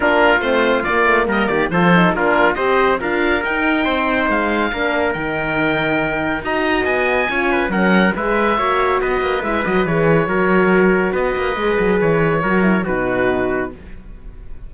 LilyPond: <<
  \new Staff \with { instrumentName = "oboe" } { \time 4/4 \tempo 4 = 140 ais'4 c''4 d''4 dis''8 d''8 | c''4 ais'4 dis''4 f''4 | g''2 f''2 | g''2. ais''4 |
gis''2 fis''4 e''4~ | e''4 dis''4 e''8 dis''8 cis''4~ | cis''2 dis''2 | cis''2 b'2 | }
  \new Staff \with { instrumentName = "trumpet" } { \time 4/4 f'2. ais'8 g'8 | a'4 f'4 c''4 ais'4~ | ais'4 c''2 ais'4~ | ais'2. dis''4~ |
dis''4 cis''8 b'8 ais'4 b'4 | cis''4 b'2. | ais'2 b'2~ | b'4 ais'4 fis'2 | }
  \new Staff \with { instrumentName = "horn" } { \time 4/4 d'4 c'4 ais2 | f'8 dis'8 d'4 g'4 f'4 | dis'2. d'4 | dis'2. fis'4~ |
fis'4 f'4 cis'4 gis'4 | fis'2 e'8 fis'8 gis'4 | fis'2. gis'4~ | gis'4 fis'8 e'8 dis'2 | }
  \new Staff \with { instrumentName = "cello" } { \time 4/4 ais4 a4 ais8 a8 g8 dis8 | f4 ais4 c'4 d'4 | dis'4 c'4 gis4 ais4 | dis2. dis'4 |
b4 cis'4 fis4 gis4 | ais4 b8 ais8 gis8 fis8 e4 | fis2 b8 ais8 gis8 fis8 | e4 fis4 b,2 | }
>>